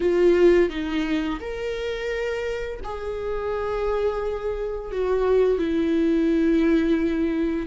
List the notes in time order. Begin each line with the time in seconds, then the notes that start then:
0.00 F4
0.69 D#4
1.40 A#4
2.84 G#4
4.91 F#4
5.58 E4